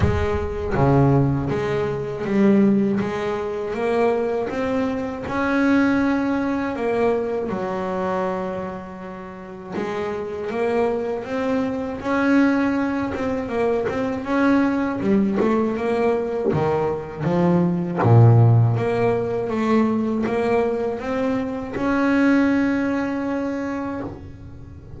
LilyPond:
\new Staff \with { instrumentName = "double bass" } { \time 4/4 \tempo 4 = 80 gis4 cis4 gis4 g4 | gis4 ais4 c'4 cis'4~ | cis'4 ais4 fis2~ | fis4 gis4 ais4 c'4 |
cis'4. c'8 ais8 c'8 cis'4 | g8 a8 ais4 dis4 f4 | ais,4 ais4 a4 ais4 | c'4 cis'2. | }